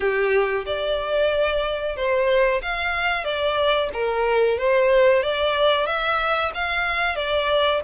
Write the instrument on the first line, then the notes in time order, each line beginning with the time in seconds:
violin
0.00 G4
0.66 D5
1.96 C5
2.62 F5
3.24 D5
3.93 A#4
4.58 C5
5.23 D5
5.86 E5
6.54 F5
7.15 D5